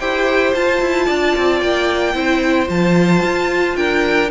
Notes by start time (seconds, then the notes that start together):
0.00 E4 G4 C5 G5
0.54 F4 A5
0.81 E4
1.06 D4 D5
1.37 C4
1.60 A#3 G5
2.14 C4 E4 C5
2.66 F3 F4 A5
3.23 F4
3.76 D4 A#4 G5